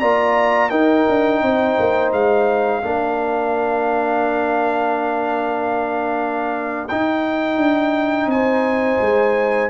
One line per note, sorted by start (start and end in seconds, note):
0.00 0.70 A#3
0.00 0.70 F4
0.00 0.70 D5
0.00 0.70 A#5
0.70 1.06 D#4
0.70 2.82 D#4
0.70 1.41 A#4
0.70 2.11 G5
1.09 1.42 D4
1.42 1.77 C4
1.42 2.85 C5
1.79 2.12 A#3
2.12 2.83 G#3
2.12 6.88 F5
2.83 6.90 A#3
2.83 6.89 D4
2.83 8.32 A#4
6.88 9.70 D#4
6.88 7.57 D#4
6.88 8.29 G5
7.57 8.26 D4
8.26 8.97 C4
8.26 9.70 C5
8.26 9.70 G#5
9.01 9.70 G#3